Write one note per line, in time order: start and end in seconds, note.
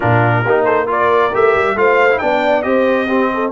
0.00 0.45 A#2
0.00 0.44 D4
0.00 0.42 F4
0.00 0.64 A#4
0.45 1.33 A#3
0.45 0.86 D#4
0.45 0.65 G4
0.64 0.87 A4
0.64 0.86 C5
0.86 1.30 F4
0.86 1.76 A#4
0.86 1.35 D5
1.33 1.55 A3
1.33 1.77 G4
1.33 1.77 E5
1.55 1.75 G3
1.75 2.19 A3
1.75 2.10 F4
1.75 2.23 C5
1.75 2.18 F5
2.10 2.20 E4
2.18 2.64 B3
2.18 2.63 D4
2.18 2.67 D5
2.18 2.62 G5
2.62 3.51 C4
2.62 3.07 G4
2.62 3.07 C5
2.62 3.50 D#5
3.07 3.51 C4
3.07 3.29 G4
3.34 3.51 A4